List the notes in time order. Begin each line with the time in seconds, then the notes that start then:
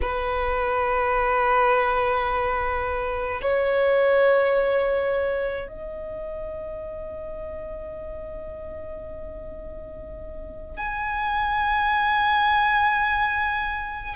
0.01 B4
3.41 C#5
5.68 D#5
10.77 G#5